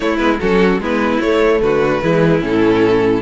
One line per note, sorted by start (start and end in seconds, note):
0.00 0.18 A3
0.00 0.19 A3
0.00 0.40 E4
0.00 0.17 C#5
0.17 0.39 G#3
0.17 0.38 B3
0.17 0.37 B4
0.40 0.78 F#3
0.40 0.81 C#4
0.40 0.81 F#4
0.40 0.80 A4
0.78 1.18 G#3
0.78 1.22 B3
0.78 1.62 E4
0.78 1.21 B4
1.20 1.61 A3
1.20 2.02 A3
1.20 1.61 C#5
1.61 2.02 D3
1.61 2.03 F#4
1.61 2.42 B4
2.02 2.41 E3
2.02 2.41 G#3
2.02 3.21 E4
2.41 3.21 A2
2.41 3.21 C#4
2.41 3.21 A4